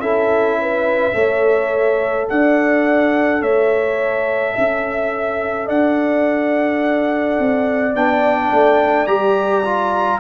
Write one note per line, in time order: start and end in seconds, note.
0.00 1.13 C#4
0.00 1.13 E4
0.00 0.59 A4
0.00 2.27 E5
0.61 1.15 B4
1.13 2.28 A3
1.13 7.92 A4
1.13 2.29 C#5
2.29 3.42 D4
2.29 3.42 D5
2.29 3.42 F#5
3.42 4.55 A3
3.42 4.53 C#5
3.42 5.69 E5
4.53 5.68 C#4
4.53 5.66 E5
5.67 7.38 D4
5.67 10.19 D5
5.67 7.96 F#5
7.39 7.95 C4
7.95 8.51 B3
7.95 9.07 D4
7.95 9.07 G5
8.52 9.08 A3
9.07 10.20 G3
9.07 9.64 G4
9.07 10.20 A#5
9.65 10.20 F4